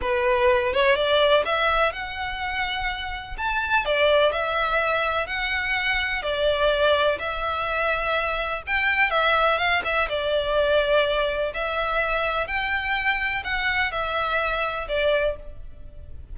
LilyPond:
\new Staff \with { instrumentName = "violin" } { \time 4/4 \tempo 4 = 125 b'4. cis''8 d''4 e''4 | fis''2. a''4 | d''4 e''2 fis''4~ | fis''4 d''2 e''4~ |
e''2 g''4 e''4 | f''8 e''8 d''2. | e''2 g''2 | fis''4 e''2 d''4 | }